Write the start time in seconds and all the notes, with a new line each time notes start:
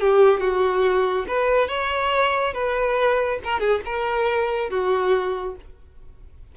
0.00 G4
0.40 F#4
1.27 B4
1.68 C#5
2.53 B4
3.44 A#4
3.59 G#4
3.85 A#4
4.69 F#4